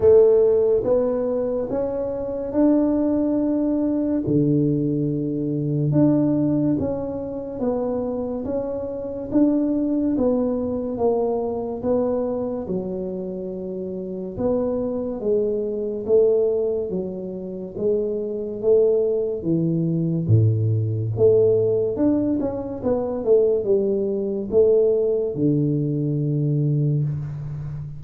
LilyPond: \new Staff \with { instrumentName = "tuba" } { \time 4/4 \tempo 4 = 71 a4 b4 cis'4 d'4~ | d'4 d2 d'4 | cis'4 b4 cis'4 d'4 | b4 ais4 b4 fis4~ |
fis4 b4 gis4 a4 | fis4 gis4 a4 e4 | a,4 a4 d'8 cis'8 b8 a8 | g4 a4 d2 | }